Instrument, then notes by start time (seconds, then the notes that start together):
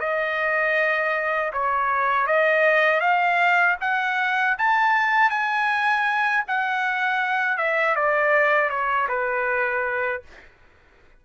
trumpet
0.00 D#5
1.53 C#5
2.26 D#5
3.00 F5
3.81 F#5
4.58 A5
5.30 G#5
6.48 F#5
7.57 E5
7.95 D5
8.70 C#5
9.08 B4